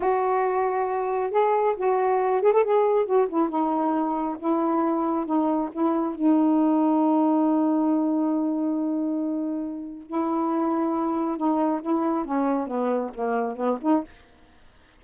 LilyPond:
\new Staff \with { instrumentName = "saxophone" } { \time 4/4 \tempo 4 = 137 fis'2. gis'4 | fis'4. gis'16 a'16 gis'4 fis'8 e'8 | dis'2 e'2 | dis'4 e'4 dis'2~ |
dis'1~ | dis'2. e'4~ | e'2 dis'4 e'4 | cis'4 b4 ais4 b8 dis'8 | }